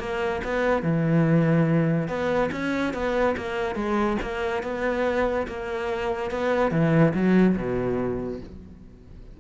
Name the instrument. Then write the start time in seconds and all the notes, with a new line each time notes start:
cello
0.00 A#3
0.44 B3
0.83 E3
2.08 B3
2.52 C#4
2.94 B3
3.37 A#3
3.76 G#3
4.22 A#3
4.63 B3
5.47 A#3
6.31 B3
6.72 E3
7.14 F#3
7.57 B2